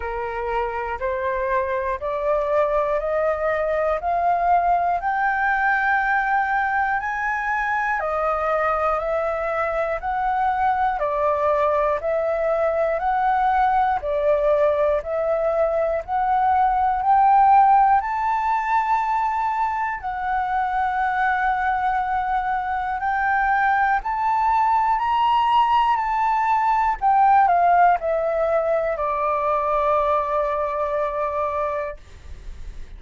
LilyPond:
\new Staff \with { instrumentName = "flute" } { \time 4/4 \tempo 4 = 60 ais'4 c''4 d''4 dis''4 | f''4 g''2 gis''4 | dis''4 e''4 fis''4 d''4 | e''4 fis''4 d''4 e''4 |
fis''4 g''4 a''2 | fis''2. g''4 | a''4 ais''4 a''4 g''8 f''8 | e''4 d''2. | }